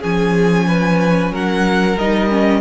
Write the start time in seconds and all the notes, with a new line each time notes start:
0.00 F3 C#4 G#4 G#5
0.67 B4
1.31 F#3 A#4 F#5
1.96 G3 D#4 D#5
2.29 C#4